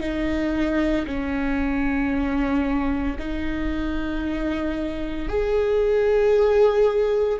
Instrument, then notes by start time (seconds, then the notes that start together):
viola
0.00 D#4
1.06 C#4
3.18 D#4
5.28 G#4